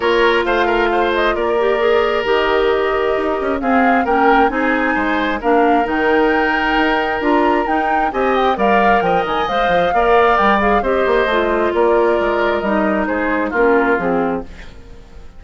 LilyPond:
<<
  \new Staff \with { instrumentName = "flute" } { \time 4/4 \tempo 4 = 133 cis''4 f''4. dis''8 d''4~ | d''4 dis''2. | f''4 g''4 gis''2 | f''4 g''2. |
ais''4 g''4 gis''8 g''8 f''4 | g''8 gis''8 f''2 g''8 f''8 | dis''2 d''2 | dis''4 c''4 ais'4 gis'4 | }
  \new Staff \with { instrumentName = "oboe" } { \time 4/4 ais'4 c''8 ais'8 c''4 ais'4~ | ais'1 | gis'4 ais'4 gis'4 c''4 | ais'1~ |
ais'2 dis''4 d''4 | dis''2 d''2 | c''2 ais'2~ | ais'4 gis'4 f'2 | }
  \new Staff \with { instrumentName = "clarinet" } { \time 4/4 f'2.~ f'8 g'8 | gis'4 g'2. | c'4 cis'4 dis'2 | d'4 dis'2. |
f'4 dis'4 g'4 ais'4~ | ais'4 c''4 ais'4. gis'8 | g'4 f'2. | dis'2 cis'4 c'4 | }
  \new Staff \with { instrumentName = "bassoon" } { \time 4/4 ais4 a2 ais4~ | ais4 dis2 dis'8 cis'8 | c'4 ais4 c'4 gis4 | ais4 dis2 dis'4 |
d'4 dis'4 c'4 g4 | f8 dis8 gis8 f8 ais4 g4 | c'8 ais8 a4 ais4 gis4 | g4 gis4 ais4 f4 | }
>>